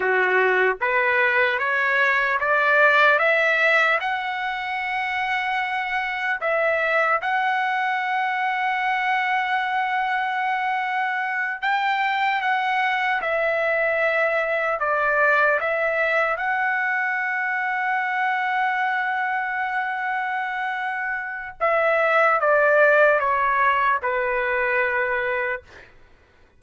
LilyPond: \new Staff \with { instrumentName = "trumpet" } { \time 4/4 \tempo 4 = 75 fis'4 b'4 cis''4 d''4 | e''4 fis''2. | e''4 fis''2.~ | fis''2~ fis''8 g''4 fis''8~ |
fis''8 e''2 d''4 e''8~ | e''8 fis''2.~ fis''8~ | fis''2. e''4 | d''4 cis''4 b'2 | }